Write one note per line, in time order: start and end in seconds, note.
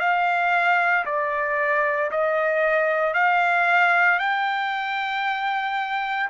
0.00 1.05 F5
1.06 2.11 D5
2.11 3.14 D#5
3.14 4.19 F5
4.19 6.30 G5